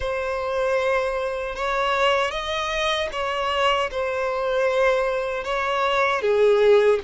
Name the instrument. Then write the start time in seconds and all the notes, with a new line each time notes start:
violin
0.00 C5
1.55 C#5
2.30 D#5
3.12 C#5
3.91 C5
5.44 C#5
6.21 G#4